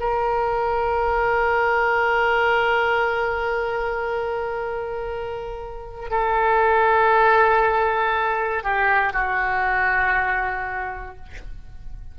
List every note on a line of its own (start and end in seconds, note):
0.00 6.10 A#4
6.10 8.63 A4
8.63 9.13 G4
9.13 11.16 F#4